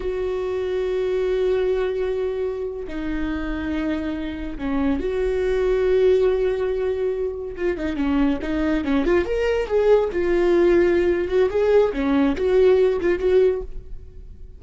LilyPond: \new Staff \with { instrumentName = "viola" } { \time 4/4 \tempo 4 = 141 fis'1~ | fis'2~ fis'8. dis'4~ dis'16~ | dis'2~ dis'8. cis'4 fis'16~ | fis'1~ |
fis'4.~ fis'16 f'8 dis'8 cis'4 dis'16~ | dis'8. cis'8 f'8 ais'4 gis'4 f'16~ | f'2~ f'8 fis'8 gis'4 | cis'4 fis'4. f'8 fis'4 | }